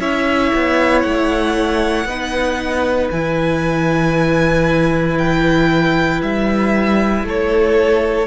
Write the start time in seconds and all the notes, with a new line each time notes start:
0.00 C#4 E4 C#5 E5
0.55 B3
1.02 A3 F#5
2.05 B3 D#4 B4
3.11 E3 E4 G#5
5.18 G5
6.22 G3 E5
7.24 A3 A4 C#5